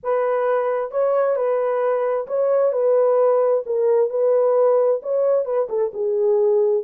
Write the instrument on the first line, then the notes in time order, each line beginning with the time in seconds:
horn
0.03 B4
0.91 C#5
1.36 B4
2.27 C#5
2.72 B4
3.65 A#4
4.10 B4
5.02 C#5
5.45 B4
5.69 A4
5.93 G#4